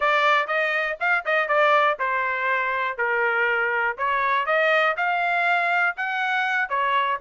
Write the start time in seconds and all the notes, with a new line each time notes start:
0.00 D5
0.47 D#5
1.00 F5
1.25 D#5
1.48 D5
1.99 C5
2.97 A#4
3.97 C#5
4.46 D#5
4.97 F5
5.96 F#5
6.69 C#5